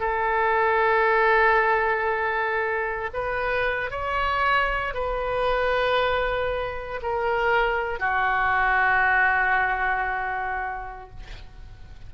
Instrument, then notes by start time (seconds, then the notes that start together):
oboe
0.00 A4
3.14 B4
3.91 C#5
4.94 B4
7.03 A#4
8.00 F#4